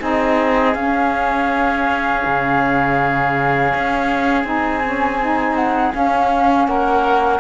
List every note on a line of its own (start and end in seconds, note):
0.00 0.75 C4
0.00 0.74 D#4
0.00 6.68 G#4
0.00 0.75 D#5
0.75 2.23 C#4
0.75 4.45 C#4
0.75 4.45 F5
2.26 3.74 C#3
3.75 4.45 C#4
4.45 5.93 C4
4.45 4.82 D#4
4.45 5.56 G#5
4.83 5.20 C#4
5.21 5.93 D#4
5.56 5.93 F#5
5.93 7.40 C#4
5.93 6.68 C#4
5.93 6.67 F5
6.67 7.40 A#3
6.67 7.40 A#4
6.67 7.40 F#5